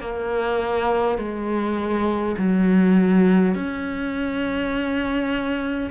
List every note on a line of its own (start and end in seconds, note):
0.00 1.18 A#3
1.18 2.35 G#3
2.37 3.55 F#3
3.55 5.90 C#4